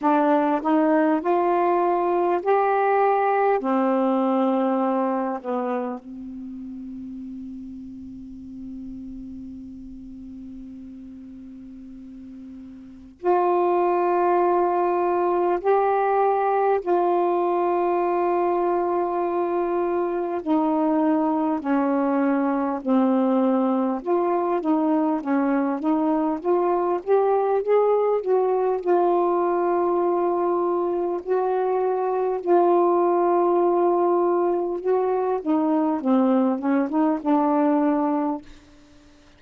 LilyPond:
\new Staff \with { instrumentName = "saxophone" } { \time 4/4 \tempo 4 = 50 d'8 dis'8 f'4 g'4 c'4~ | c'8 b8 c'2.~ | c'2. f'4~ | f'4 g'4 f'2~ |
f'4 dis'4 cis'4 c'4 | f'8 dis'8 cis'8 dis'8 f'8 g'8 gis'8 fis'8 | f'2 fis'4 f'4~ | f'4 fis'8 dis'8 c'8 cis'16 dis'16 d'4 | }